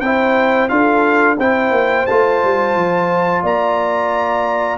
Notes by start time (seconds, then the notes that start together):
0.00 C4 E4 C5 G5
0.68 D4 F4 A4 F5
1.38 C4 E4 C5 G5
1.71 A#3
2.06 A3 F4 A5
2.44 G3
2.76 F3
3.43 A#3 D5 A#5